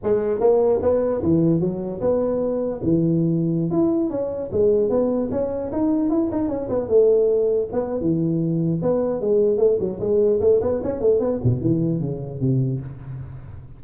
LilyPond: \new Staff \with { instrumentName = "tuba" } { \time 4/4 \tempo 4 = 150 gis4 ais4 b4 e4 | fis4 b2 e4~ | e4~ e16 e'4 cis'4 gis8.~ | gis16 b4 cis'4 dis'4 e'8 dis'16~ |
dis'16 cis'8 b8 a2 b8. | e2 b4 gis4 | a8 fis8 gis4 a8 b8 cis'8 a8 | b8 b,8 e4 cis4 c4 | }